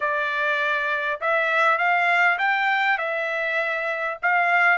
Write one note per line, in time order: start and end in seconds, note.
0.00 1.20 D5
1.21 1.78 E5
1.78 2.38 F5
2.38 2.98 G5
2.98 4.18 E5
4.22 4.78 F5